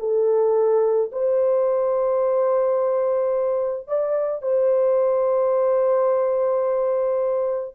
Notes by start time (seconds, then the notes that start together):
0.00 A4
1.13 C5
3.88 D5
4.42 C5